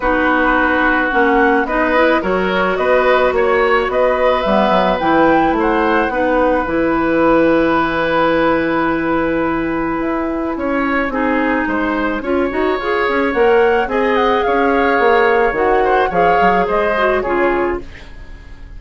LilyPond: <<
  \new Staff \with { instrumentName = "flute" } { \time 4/4 \tempo 4 = 108 b'2 fis''4 dis''4 | cis''4 dis''4 cis''4 dis''4 | e''4 g''4 fis''2 | gis''1~ |
gis''1~ | gis''1 | fis''4 gis''8 fis''8 f''2 | fis''4 f''4 dis''4 cis''4 | }
  \new Staff \with { instrumentName = "oboe" } { \time 4/4 fis'2. b'4 | ais'4 b'4 cis''4 b'4~ | b'2 c''4 b'4~ | b'1~ |
b'2. cis''4 | gis'4 c''4 cis''2~ | cis''4 dis''4 cis''2~ | cis''8 c''8 cis''4 c''4 gis'4 | }
  \new Staff \with { instrumentName = "clarinet" } { \time 4/4 dis'2 cis'4 dis'8 e'8 | fis'1 | b4 e'2 dis'4 | e'1~ |
e'1 | dis'2 f'8 fis'8 gis'4 | ais'4 gis'2. | fis'4 gis'4. fis'8 f'4 | }
  \new Staff \with { instrumentName = "bassoon" } { \time 4/4 b2 ais4 b4 | fis4 b4 ais4 b4 | g8 fis8 e4 a4 b4 | e1~ |
e2 e'4 cis'4 | c'4 gis4 cis'8 dis'8 f'8 cis'8 | ais4 c'4 cis'4 ais4 | dis4 f8 fis8 gis4 cis4 | }
>>